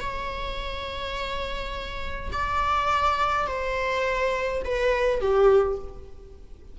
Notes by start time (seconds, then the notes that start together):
0.00 C#5
2.32 D5
3.47 C5
4.64 B4
5.20 G4